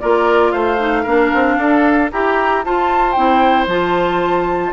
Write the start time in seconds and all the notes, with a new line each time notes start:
0.00 A#3 F4 A#4 D5
0.52 A3 C5 F5
0.79 D#4
1.03 A#3 D4 A#4
1.34 C4
1.58 D4 A4
2.12 E4 G4 A#5
2.65 F4 C5 A5
3.13 C4 E4 G5
3.67 F3 F4 A5